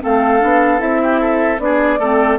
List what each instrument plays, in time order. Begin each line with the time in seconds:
0.00 bassoon A3, clarinet C4, oboe A4, flute F5
0.40 bassoon B3, clarinet D4
0.79 bassoon C4, clarinet E4, flute E5
1.03 oboe G4
1.20 oboe A4
1.59 bassoon B3, clarinet D4, oboe G#4, flute D5
1.99 bassoon A3, clarinet C4, oboe A4